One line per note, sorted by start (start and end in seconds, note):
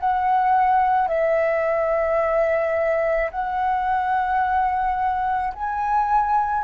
0.00 1.08 F#5
1.08 3.30 E5
3.31 5.53 F#5
5.54 6.64 G#5